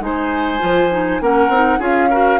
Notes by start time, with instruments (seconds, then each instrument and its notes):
0.00 bassoon G#3, clarinet D#4, oboe C5, flute G#5
0.59 bassoon F3, clarinet F4
0.91 clarinet D#4
1.21 bassoon A#3, clarinet C#4, oboe A#4, flute F#5
1.49 bassoon C4, clarinet D#4
1.79 bassoon C#4, clarinet F4, oboe G#4, flute F5
2.10 clarinet F#4, oboe A#4